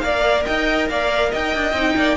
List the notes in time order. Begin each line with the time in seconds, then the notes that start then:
0.00 A#3 A#4 D5 F5
0.46 D#4 D#5 G5
0.89 A#3 D5 F5
1.31 D#4 D#5 G5
1.55 D4
1.73 C4 D#4
1.96 A#3 D5